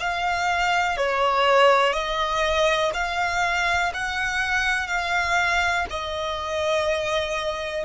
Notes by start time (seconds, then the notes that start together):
0.00 F5
0.97 C#5
1.93 D#5
2.94 F5
3.94 F#5
4.88 F5
5.91 D#5